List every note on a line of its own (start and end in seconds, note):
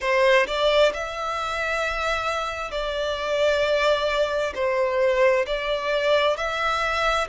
0.00 0.46 C5
0.46 0.92 D5
0.93 2.71 E5
2.71 4.52 D5
4.55 5.45 C5
5.46 6.36 D5
6.36 7.27 E5